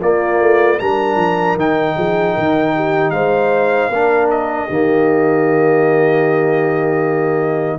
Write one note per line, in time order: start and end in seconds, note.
0.00 0.40 A#3
0.00 0.79 A#3
0.00 0.78 F4
0.00 0.79 D5
0.41 0.80 A3
0.79 1.16 G3
0.79 1.58 D4
0.79 1.95 A#4
0.79 1.57 A#5
1.16 1.55 F3
1.55 1.94 D#3
1.55 3.92 D#4
1.55 3.10 G5
1.95 2.36 F3
1.95 2.34 G#4
2.34 3.10 D#3
2.34 2.73 A#4
2.75 3.12 G4
3.10 3.88 G#3
3.10 3.90 C5
3.10 4.27 F5
3.89 4.67 A#3
3.89 4.69 D4
3.89 4.66 A#4
4.30 7.79 D#5
4.66 7.79 D#3
4.66 7.79 A#3
4.66 7.77 G4